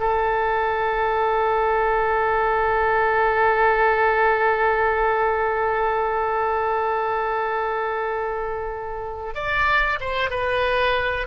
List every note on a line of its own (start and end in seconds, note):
0.00 9.35 A4
9.35 9.99 D5
10.01 10.30 C5
10.30 11.27 B4